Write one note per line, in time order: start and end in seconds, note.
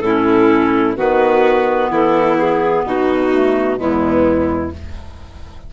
0.00 0.95 A2
0.00 0.96 C#4
0.00 0.94 A4
0.06 0.97 E4
0.96 1.90 D#3
0.96 3.30 B3
0.96 1.91 F#4
0.96 1.91 B4
1.90 2.84 E3
1.90 2.84 E4
1.90 2.38 A4
2.38 2.85 G#4
2.85 3.79 B2
2.85 3.79 D#4
2.85 3.80 F#4
3.32 3.77 A3
3.77 4.73 E2
3.77 4.71 G#3
3.77 4.73 B3
3.77 4.73 E4